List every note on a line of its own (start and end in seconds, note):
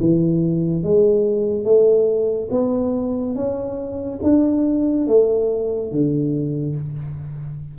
0.00 0.83 E3
0.83 1.64 G#3
1.64 2.49 A3
2.51 3.35 B3
3.35 4.19 C#4
4.23 5.07 D4
5.07 5.92 A3
5.92 6.76 D3